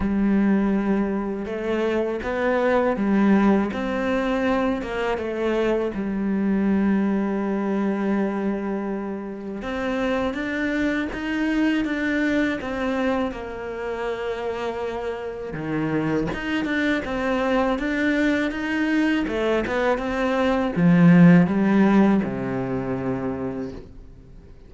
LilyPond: \new Staff \with { instrumentName = "cello" } { \time 4/4 \tempo 4 = 81 g2 a4 b4 | g4 c'4. ais8 a4 | g1~ | g4 c'4 d'4 dis'4 |
d'4 c'4 ais2~ | ais4 dis4 dis'8 d'8 c'4 | d'4 dis'4 a8 b8 c'4 | f4 g4 c2 | }